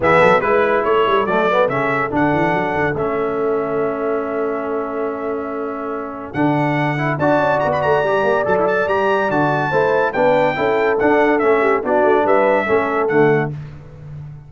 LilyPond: <<
  \new Staff \with { instrumentName = "trumpet" } { \time 4/4 \tempo 4 = 142 e''4 b'4 cis''4 d''4 | e''4 fis''2 e''4~ | e''1~ | e''2. fis''4~ |
fis''4 a''4 ais''16 b''16 ais''4. | a''16 e'16 a''8 ais''4 a''2 | g''2 fis''4 e''4 | d''4 e''2 fis''4 | }
  \new Staff \with { instrumentName = "horn" } { \time 4/4 gis'8 a'8 b'4 a'2~ | a'1~ | a'1~ | a'1~ |
a'4 d''2.~ | d''2. c''4 | b'4 a'2~ a'8 g'8 | fis'4 b'4 a'2 | }
  \new Staff \with { instrumentName = "trombone" } { \time 4/4 b4 e'2 a8 b8 | cis'4 d'2 cis'4~ | cis'1~ | cis'2. d'4~ |
d'8 e'8 fis'2 g'4 | a'4 g'4 fis'4 e'4 | d'4 e'4 d'4 cis'4 | d'2 cis'4 a4 | }
  \new Staff \with { instrumentName = "tuba" } { \time 4/4 e8 fis8 gis4 a8 g8 fis4 | cis4 d8 e8 fis8 d8 a4~ | a1~ | a2. d4~ |
d4 d'8 cis'8 b8 a8 g8 ais8 | fis4 g4 d4 a4 | b4 cis'4 d'4 a4 | b8 a8 g4 a4 d4 | }
>>